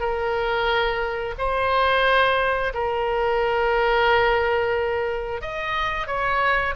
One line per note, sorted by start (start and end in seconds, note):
0.00 1.35 A#4
1.38 2.73 C5
2.74 5.41 A#4
5.41 6.07 D#5
6.07 6.74 C#5